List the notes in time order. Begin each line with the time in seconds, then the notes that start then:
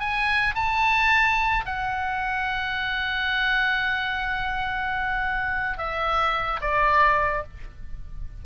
0.00 G#5
0.55 A5
1.66 F#5
5.78 E5
6.61 D5